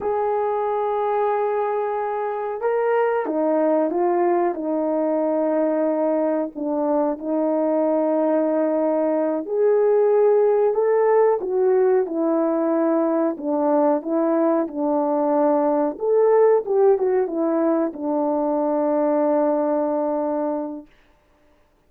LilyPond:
\new Staff \with { instrumentName = "horn" } { \time 4/4 \tempo 4 = 92 gis'1 | ais'4 dis'4 f'4 dis'4~ | dis'2 d'4 dis'4~ | dis'2~ dis'8 gis'4.~ |
gis'8 a'4 fis'4 e'4.~ | e'8 d'4 e'4 d'4.~ | d'8 a'4 g'8 fis'8 e'4 d'8~ | d'1 | }